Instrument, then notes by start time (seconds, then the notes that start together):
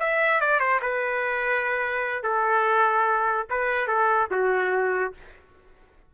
trumpet
0.00 E5
0.41 D5
0.60 C5
0.82 B4
2.23 A4
3.50 B4
3.88 A4
4.31 F#4